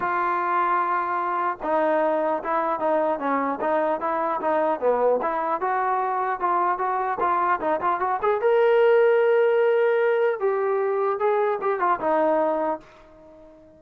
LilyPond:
\new Staff \with { instrumentName = "trombone" } { \time 4/4 \tempo 4 = 150 f'1 | dis'2 e'4 dis'4 | cis'4 dis'4 e'4 dis'4 | b4 e'4 fis'2 |
f'4 fis'4 f'4 dis'8 f'8 | fis'8 gis'8 ais'2.~ | ais'2 g'2 | gis'4 g'8 f'8 dis'2 | }